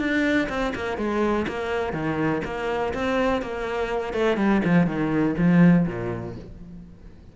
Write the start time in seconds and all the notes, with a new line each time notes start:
0.00 D4
0.49 C4
0.76 A#3
0.98 G#3
1.48 A#3
1.93 D#3
2.45 A#3
2.94 C4
3.42 A#3
4.14 A3
4.37 G3
4.65 F3
4.87 D#3
5.38 F3
5.87 A#2